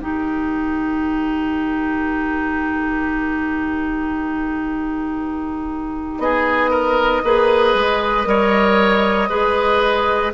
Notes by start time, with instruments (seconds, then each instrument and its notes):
0.00 bassoon D#3, clarinet D#4, oboe G4, flute A#4
6.18 bassoon B3, oboe G#4, flute D#5
6.70 oboe A#4
7.23 bassoon A#3, clarinet G#4, oboe B4
7.74 bassoon G#3
8.24 bassoon G3, clarinet A#4, oboe C#5
9.29 bassoon G#3, clarinet G#4, oboe B4